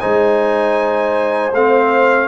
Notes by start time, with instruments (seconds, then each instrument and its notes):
0.00 tuba G#3, trombone D#4, horn C5, trumpet G#5
1.53 tuba A3, trombone C4, trumpet F5